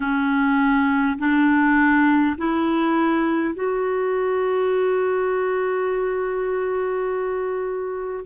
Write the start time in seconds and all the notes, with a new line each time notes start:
0.00 C#4
1.18 D4
2.37 E4
3.54 F#4